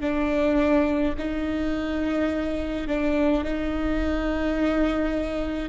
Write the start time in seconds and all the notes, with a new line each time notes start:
0.00 D4
1.18 D#4
2.87 D4
3.44 D#4